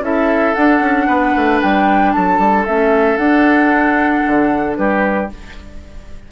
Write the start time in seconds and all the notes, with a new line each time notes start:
0.00 C#4 E4 A4 E5
0.54 D4 F#5
0.80 C#4
1.07 B3 B4
1.36 A3
1.62 G3 G5
2.13 F#3 A4 A5
2.39 G3
2.66 A3 C#4 E5
3.17 D4 F#5
4.27 D3
4.76 G3 G4 B4